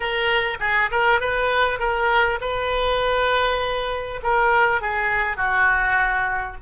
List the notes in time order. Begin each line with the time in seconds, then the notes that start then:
0.00 A#4
0.59 G#4
0.91 A#4
1.20 B4
1.79 A#4
2.41 B4
4.22 A#4
4.81 G#4
5.36 F#4